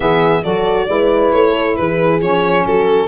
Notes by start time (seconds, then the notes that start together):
0.00 E3 B3 G#4 E5
0.43 F#3 F#4 A4 D5
0.86 G#3 E4 B4
1.32 A3 C#5
1.50 A4
1.76 E3 G#4 B4
2.21 F3 C#4 C#5
2.65 F#3 F#4 A4